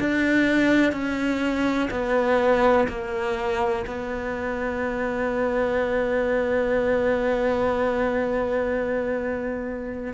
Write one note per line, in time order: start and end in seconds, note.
0.00 0.92 D4
0.92 1.89 C#4
1.90 2.87 B3
2.89 3.85 A#3
3.87 10.13 B3